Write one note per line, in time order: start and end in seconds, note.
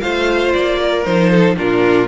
0.00 0.55 A3
0.00 1.04 F4
0.00 0.80 C5
0.00 0.52 F5
0.53 1.06 A#3
0.53 1.04 D5
0.82 1.30 A#4
1.04 1.57 F3
1.04 1.56 D#4
1.04 1.56 C5
1.30 1.55 A4
1.57 2.07 A#2
1.57 2.07 D4
1.57 2.07 F4
1.57 2.07 A#4